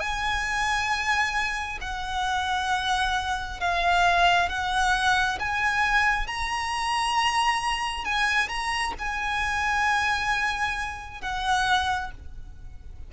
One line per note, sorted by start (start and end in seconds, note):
0.00 1.79 G#5
1.82 3.61 F#5
3.61 4.49 F5
4.49 5.39 F#5
5.40 6.27 G#5
6.27 8.05 A#5
8.05 8.49 G#5
8.49 8.94 A#5
8.99 11.22 G#5
11.22 12.11 F#5